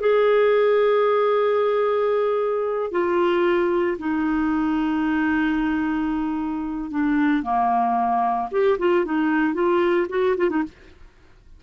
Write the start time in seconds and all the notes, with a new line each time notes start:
0.00 G#4
2.91 F4
3.99 D#4
6.91 D4
7.43 A#3
8.51 G4
8.79 F4
9.05 D#4
9.54 F4
10.09 F#4
10.37 F4
10.50 D#4